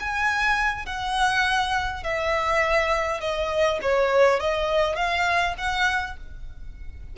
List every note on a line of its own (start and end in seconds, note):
0.00 0.86 G#5
0.86 2.03 F#5
2.03 3.21 E5
3.21 3.79 D#5
3.82 4.40 C#5
4.40 4.96 D#5
4.96 5.55 F5
5.58 6.17 F#5